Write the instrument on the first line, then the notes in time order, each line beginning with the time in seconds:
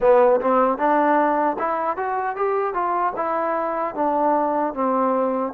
trombone
0.00 B3
0.40 C4
0.78 D4
1.58 E4
1.96 F#4
2.35 G4
2.73 F4
3.16 E4
3.95 D4
4.74 C4